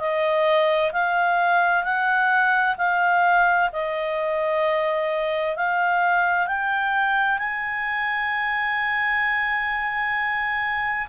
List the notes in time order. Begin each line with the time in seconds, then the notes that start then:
0.00 D#5
0.93 F5
1.84 F#5
2.78 F5
3.73 D#5
5.56 F5
6.47 G5
7.39 G#5